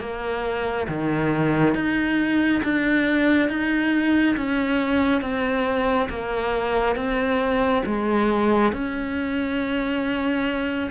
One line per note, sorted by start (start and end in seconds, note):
0.00 0.87 A#3
0.89 1.75 D#3
1.75 2.62 D#4
2.63 3.49 D4
3.49 4.36 D#4
4.37 5.22 C#4
5.22 6.09 C4
6.09 6.96 A#3
6.96 7.83 C4
7.86 8.73 G#3
8.73 10.90 C#4